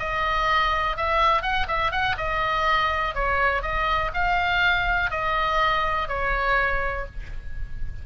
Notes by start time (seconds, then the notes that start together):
0.00 D#5
0.97 E5
1.43 F#5
1.69 E5
1.92 F#5
2.18 D#5
3.15 C#5
3.63 D#5
4.14 F5
5.11 D#5
6.09 C#5